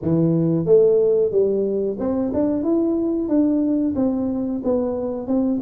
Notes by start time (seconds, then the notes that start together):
0.01 E3
0.65 A3
1.31 G3
1.99 C4
2.33 D4
2.63 E4
3.28 D4
3.95 C4
4.63 B3
5.27 C4